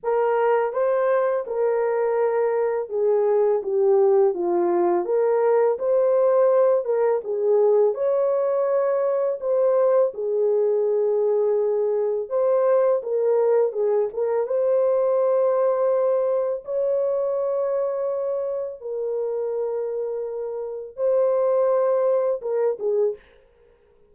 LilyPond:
\new Staff \with { instrumentName = "horn" } { \time 4/4 \tempo 4 = 83 ais'4 c''4 ais'2 | gis'4 g'4 f'4 ais'4 | c''4. ais'8 gis'4 cis''4~ | cis''4 c''4 gis'2~ |
gis'4 c''4 ais'4 gis'8 ais'8 | c''2. cis''4~ | cis''2 ais'2~ | ais'4 c''2 ais'8 gis'8 | }